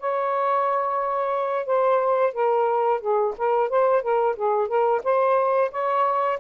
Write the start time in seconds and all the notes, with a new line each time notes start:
0.00 C#5
1.66 C5
2.33 A#4
3.01 G#4
3.37 A#4
3.69 C5
4.02 A#4
4.36 G#4
4.68 A#4
5.04 C5
5.72 C#5